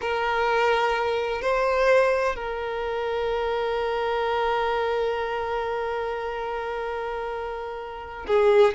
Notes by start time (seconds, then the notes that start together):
0.01 A#4
1.41 C5
2.35 A#4
8.27 G#4